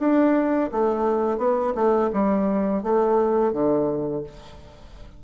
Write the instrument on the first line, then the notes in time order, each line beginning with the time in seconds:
bassoon
0.00 D4
0.72 A3
1.38 B3
1.75 A3
2.13 G3
2.83 A3
3.53 D3